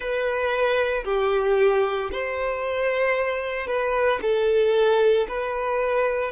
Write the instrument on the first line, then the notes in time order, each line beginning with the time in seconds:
violin
0.00 B4
1.04 G4
2.11 C5
3.67 B4
4.22 A4
5.28 B4